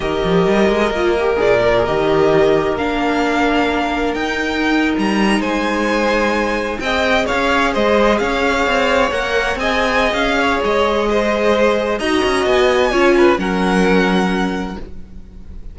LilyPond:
<<
  \new Staff \with { instrumentName = "violin" } { \time 4/4 \tempo 4 = 130 dis''2. d''4 | dis''2 f''2~ | f''4 g''4.~ g''16 ais''4 gis''16~ | gis''2~ gis''8. g''4 f''16~ |
f''8. dis''4 f''2 fis''16~ | fis''8. gis''4~ gis''16 f''4 dis''4~ | dis''2 ais''4 gis''4~ | gis''4 fis''2. | }
  \new Staff \with { instrumentName = "violin" } { \time 4/4 ais'1~ | ais'1~ | ais'2.~ ais'8. c''16~ | c''2~ c''8. dis''4 cis''16~ |
cis''8. c''4 cis''2~ cis''16~ | cis''8. dis''4.~ dis''16 cis''4. | c''2 dis''2 | cis''8 b'8 ais'2. | }
  \new Staff \with { instrumentName = "viola" } { \time 4/4 g'2 f'8 g'8 gis'8 ais'16 gis'16 | g'2 d'2~ | d'4 dis'2.~ | dis'2~ dis'8. gis'4~ gis'16~ |
gis'2.~ gis'8. ais'16~ | ais'8. gis'2.~ gis'16~ | gis'2 fis'2 | f'4 cis'2. | }
  \new Staff \with { instrumentName = "cello" } { \time 4/4 dis8 f8 g8 gis8 ais4 ais,4 | dis2 ais2~ | ais4 dis'4.~ dis'16 g4 gis16~ | gis2~ gis8. c'4 cis'16~ |
cis'8. gis4 cis'4 c'4 ais16~ | ais8. c'4~ c'16 cis'4 gis4~ | gis2 dis'8 cis'8 b4 | cis'4 fis2. | }
>>